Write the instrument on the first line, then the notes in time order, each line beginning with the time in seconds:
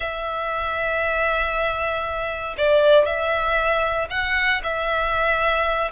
violin
0.00 E5
2.57 D5
3.05 E5
4.10 F#5
4.63 E5